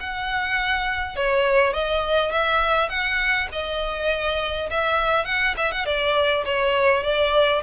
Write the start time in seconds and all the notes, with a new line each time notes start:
0.00 F#5
1.16 C#5
1.74 D#5
2.32 E5
2.89 F#5
3.52 D#5
4.71 E5
5.25 F#5
5.57 E5
5.72 F#5
5.86 D5
6.45 C#5
7.03 D5